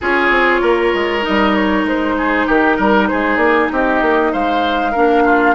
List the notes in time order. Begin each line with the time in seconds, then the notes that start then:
0.01 C#4 F4 G#4 C#5
0.30 C4
0.61 A#3 A#4
0.93 G#3
1.21 D#4 D#5
1.28 G3
1.55 C#5
1.84 G#3 C5
2.17 G#4
2.47 D#3 G4 A#4
2.77 G3 A#4
3.07 G#3 G#4 C5
3.36 A#3 D5
3.72 C4 G4 D#5
4.01 A#3
4.32 G#3 C5 F5
4.91 A#3 D4 A#4
5.24 F4